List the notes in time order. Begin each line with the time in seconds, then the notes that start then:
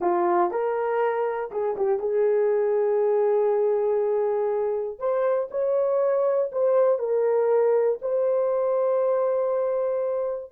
0.00 F4
0.50 A#4
1.51 G#4
1.76 G4
1.99 G#4
4.98 C5
5.50 C#5
6.52 C5
6.98 A#4
8.01 C5